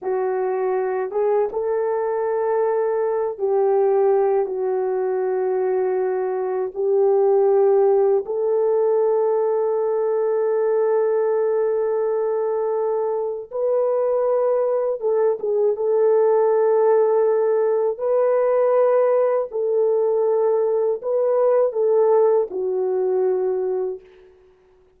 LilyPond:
\new Staff \with { instrumentName = "horn" } { \time 4/4 \tempo 4 = 80 fis'4. gis'8 a'2~ | a'8 g'4. fis'2~ | fis'4 g'2 a'4~ | a'1~ |
a'2 b'2 | a'8 gis'8 a'2. | b'2 a'2 | b'4 a'4 fis'2 | }